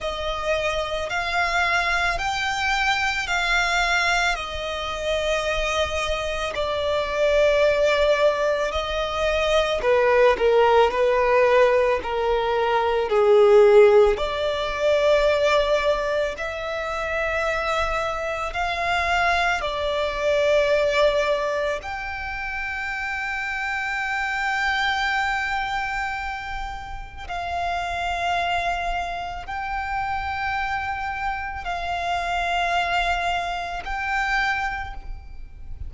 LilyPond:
\new Staff \with { instrumentName = "violin" } { \time 4/4 \tempo 4 = 55 dis''4 f''4 g''4 f''4 | dis''2 d''2 | dis''4 b'8 ais'8 b'4 ais'4 | gis'4 d''2 e''4~ |
e''4 f''4 d''2 | g''1~ | g''4 f''2 g''4~ | g''4 f''2 g''4 | }